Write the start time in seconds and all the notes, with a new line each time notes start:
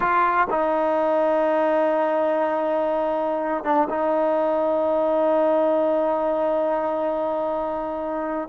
0.00 F4
0.50 D#4
3.64 D4
3.89 D#4